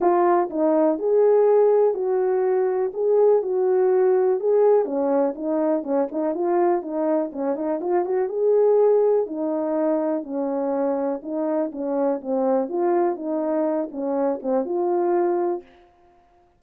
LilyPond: \new Staff \with { instrumentName = "horn" } { \time 4/4 \tempo 4 = 123 f'4 dis'4 gis'2 | fis'2 gis'4 fis'4~ | fis'4 gis'4 cis'4 dis'4 | cis'8 dis'8 f'4 dis'4 cis'8 dis'8 |
f'8 fis'8 gis'2 dis'4~ | dis'4 cis'2 dis'4 | cis'4 c'4 f'4 dis'4~ | dis'8 cis'4 c'8 f'2 | }